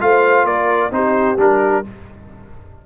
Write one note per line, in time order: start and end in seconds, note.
0.00 0.45 A3
0.00 0.91 F4
0.00 0.47 C5
0.00 0.46 F5
0.45 0.90 A#3
0.45 0.92 A#4
0.45 0.91 D5
0.91 1.37 C4
0.91 1.37 D#4
0.91 1.86 G4
0.91 1.39 C5
1.38 1.84 G3
1.38 1.84 D4
1.38 1.86 A#4